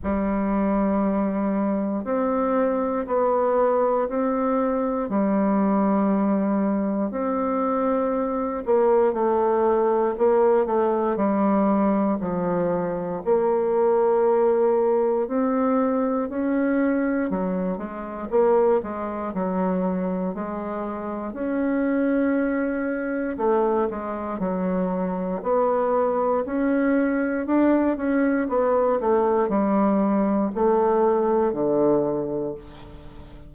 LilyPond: \new Staff \with { instrumentName = "bassoon" } { \time 4/4 \tempo 4 = 59 g2 c'4 b4 | c'4 g2 c'4~ | c'8 ais8 a4 ais8 a8 g4 | f4 ais2 c'4 |
cis'4 fis8 gis8 ais8 gis8 fis4 | gis4 cis'2 a8 gis8 | fis4 b4 cis'4 d'8 cis'8 | b8 a8 g4 a4 d4 | }